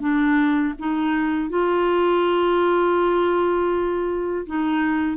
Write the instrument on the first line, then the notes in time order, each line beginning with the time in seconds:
clarinet
0.00 D4
0.79 D#4
1.50 F4
4.46 D#4